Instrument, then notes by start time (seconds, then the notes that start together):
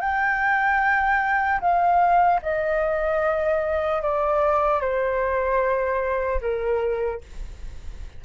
flute
0.00 G5
1.60 F5
2.42 D#5
4.02 D5
4.80 C5
6.41 A#4